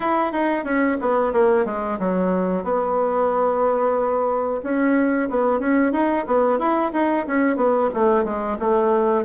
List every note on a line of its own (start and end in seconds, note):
0.00 0.32 E4
0.32 0.64 D#4
0.64 0.97 C#4
1.00 1.32 B3
1.32 1.65 A#3
1.65 1.98 G#3
1.99 2.63 F#3
2.63 4.61 B3
4.63 5.29 C#4
5.29 5.59 B3
5.59 5.92 C#4
5.92 6.25 D#4
6.26 6.58 B3
6.58 6.91 E4
6.92 7.25 D#4
7.26 7.56 C#4
7.56 7.89 B3
7.94 8.24 A3
8.24 8.57 G#3
8.59 9.25 A3